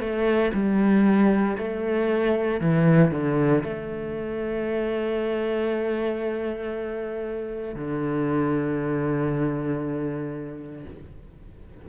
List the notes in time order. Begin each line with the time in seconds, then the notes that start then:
0.00 A3
0.54 G3
1.58 A3
2.61 E3
3.11 D3
3.63 A3
7.75 D3